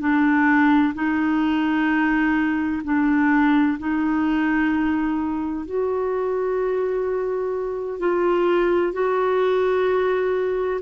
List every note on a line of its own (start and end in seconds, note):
0.00 0.94 D4
0.94 2.82 D#4
2.84 3.78 D4
3.79 5.65 D#4
5.65 7.99 F#4
7.99 8.93 F4
8.93 10.80 F#4